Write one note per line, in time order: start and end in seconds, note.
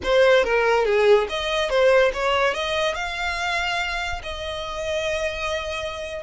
0.03 0.44 C5
0.44 0.85 A#4
0.85 1.27 G#4
1.29 1.69 D#5
1.69 2.11 C5
2.13 2.54 C#5
2.54 2.94 D#5
2.94 4.21 F5
4.23 6.23 D#5